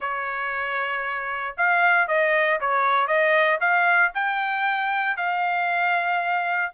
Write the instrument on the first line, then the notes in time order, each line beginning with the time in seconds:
trumpet
0.00 C#5
1.57 F5
2.07 D#5
2.60 C#5
3.07 D#5
3.60 F5
4.14 G5
5.17 F5